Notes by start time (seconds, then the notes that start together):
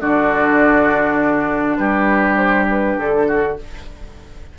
0.00 D3 D4 F#4 D5
1.76 G3 G4 B4
2.37 C5
2.70 B4
2.98 D3 A4
3.27 F#4